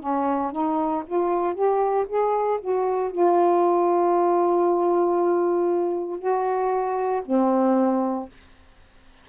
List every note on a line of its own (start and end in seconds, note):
0.00 0.52 C#4
0.52 1.03 D#4
1.06 1.54 F4
1.54 2.06 G4
2.07 2.59 G#4
2.61 3.11 F#4
3.11 6.18 F4
6.18 7.22 F#4
7.26 8.29 C4